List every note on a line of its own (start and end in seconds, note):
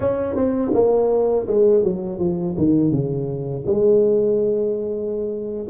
0.00 0.35 C#4
0.35 0.72 C4
0.73 1.46 A#3
1.47 1.83 G#3
1.83 2.19 F#3
2.19 2.55 F3
2.57 2.91 D#3
2.91 3.64 C#3
3.66 5.67 G#3